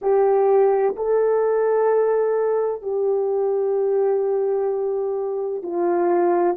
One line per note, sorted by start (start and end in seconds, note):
0.01 0.95 G4
0.95 2.82 A4
2.82 5.62 G4
5.62 6.56 F4